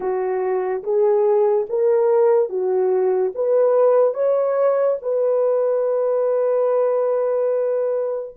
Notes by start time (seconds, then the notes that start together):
0.00 F#4
0.83 G#4
1.69 A#4
2.49 F#4
3.34 B4
4.14 C#5
5.02 B4